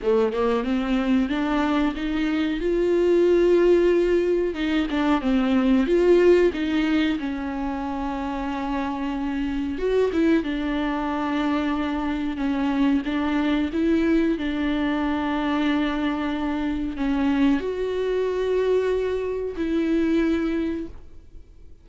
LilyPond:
\new Staff \with { instrumentName = "viola" } { \time 4/4 \tempo 4 = 92 a8 ais8 c'4 d'4 dis'4 | f'2. dis'8 d'8 | c'4 f'4 dis'4 cis'4~ | cis'2. fis'8 e'8 |
d'2. cis'4 | d'4 e'4 d'2~ | d'2 cis'4 fis'4~ | fis'2 e'2 | }